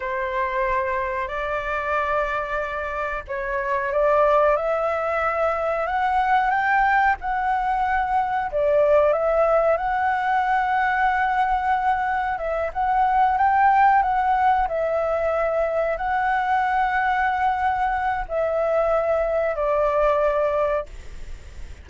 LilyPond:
\new Staff \with { instrumentName = "flute" } { \time 4/4 \tempo 4 = 92 c''2 d''2~ | d''4 cis''4 d''4 e''4~ | e''4 fis''4 g''4 fis''4~ | fis''4 d''4 e''4 fis''4~ |
fis''2. e''8 fis''8~ | fis''8 g''4 fis''4 e''4.~ | e''8 fis''2.~ fis''8 | e''2 d''2 | }